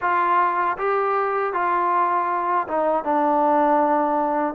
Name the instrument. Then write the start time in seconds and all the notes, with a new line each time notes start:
trombone
0.01 F4
0.77 G4
1.53 F4
2.67 D#4
3.03 D4